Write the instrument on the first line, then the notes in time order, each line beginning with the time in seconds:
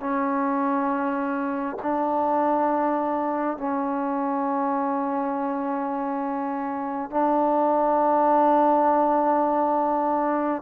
trombone
0.00 C#4
1.82 D4
3.57 C#4
7.10 D4